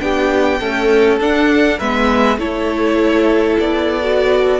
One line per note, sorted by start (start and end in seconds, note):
0.00 0.60 B3
0.00 0.59 D4
0.00 0.60 G4
0.00 1.19 G5
0.60 1.20 A3
0.60 1.20 C#4
0.60 1.78 A4
1.20 1.79 D4
1.20 1.80 D4
1.20 1.79 F#5
1.78 2.38 G#3
1.78 2.39 B3
1.78 2.38 B4
1.78 2.39 E5
2.38 3.56 A3
2.38 4.02 E4
2.38 4.60 A4
2.38 3.58 C#5
3.59 4.60 B3
3.59 4.60 D5
4.02 4.60 F#4